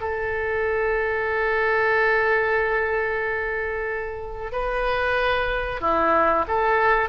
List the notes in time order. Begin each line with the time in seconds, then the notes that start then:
0.00 A4
4.52 B4
5.80 E4
6.48 A4